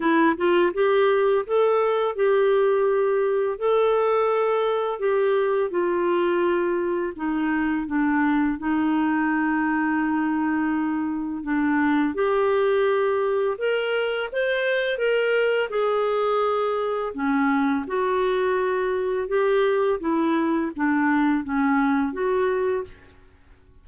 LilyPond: \new Staff \with { instrumentName = "clarinet" } { \time 4/4 \tempo 4 = 84 e'8 f'8 g'4 a'4 g'4~ | g'4 a'2 g'4 | f'2 dis'4 d'4 | dis'1 |
d'4 g'2 ais'4 | c''4 ais'4 gis'2 | cis'4 fis'2 g'4 | e'4 d'4 cis'4 fis'4 | }